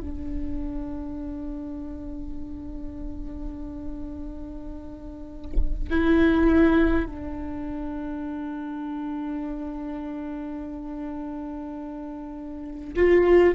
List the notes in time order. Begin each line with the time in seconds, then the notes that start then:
0.00 D4
5.90 E4
7.05 D4
12.95 F4